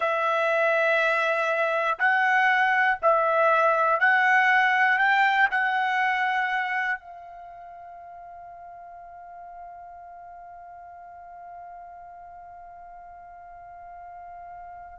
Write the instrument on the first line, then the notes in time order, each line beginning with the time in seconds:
trumpet
0.00 E5
1.98 F#5
3.02 E5
4.00 F#5
4.98 G5
5.50 F#5
7.00 F5